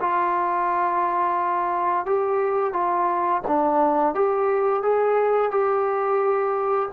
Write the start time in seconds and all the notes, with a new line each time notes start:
0.00 F4
2.05 G4
2.73 F4
3.47 D4
4.14 G4
4.82 G#4
5.51 G4